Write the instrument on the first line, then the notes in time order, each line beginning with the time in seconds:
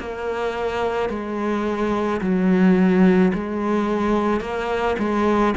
cello
0.00 A#3
1.10 G#3
2.21 F#3
3.34 G#3
4.41 A#3
4.99 G#3